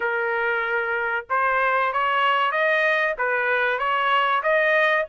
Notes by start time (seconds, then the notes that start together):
0.00 A#4
1.29 C5
1.92 C#5
2.51 D#5
3.18 B4
3.78 C#5
4.42 D#5